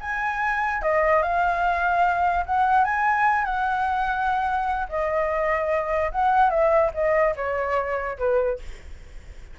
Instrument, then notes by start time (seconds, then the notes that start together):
flute
0.00 G#5
0.82 D#5
1.22 F5
2.46 F#5
2.84 G#5
3.44 F#5
4.88 D#5
6.11 F#5
6.50 E5
6.94 D#5
7.36 C#5
8.18 B4